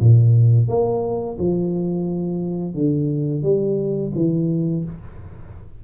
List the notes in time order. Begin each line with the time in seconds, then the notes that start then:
0.00 A#2
0.68 A#3
1.39 F3
2.75 D3
3.43 G3
4.15 E3